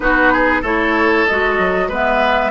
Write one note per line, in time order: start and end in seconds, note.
0.00 0.62 B3
0.00 0.62 D#4
0.00 0.32 F#4
0.00 0.62 B4
0.32 0.61 G#4
0.61 1.25 A3
0.61 1.28 E4
0.61 1.88 A4
0.61 1.26 C#5
1.26 1.58 G#3
1.26 1.91 F#4
1.26 1.89 D#5
1.58 1.88 F#3
1.88 2.51 G#3
1.88 2.51 B3
1.88 2.51 B4
1.94 2.51 E5